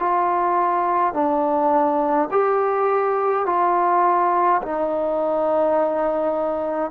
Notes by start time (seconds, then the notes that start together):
0.00 F4
1.14 D4
2.31 G4
3.47 F4
4.63 D#4